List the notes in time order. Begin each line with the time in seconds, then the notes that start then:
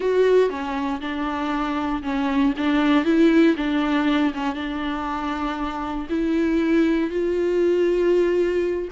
0.00 F#4
0.49 C#4
1.00 D4
2.02 C#4
2.57 D4
3.04 E4
3.57 D4
4.34 C#4
4.54 D4
6.09 E4
7.10 F4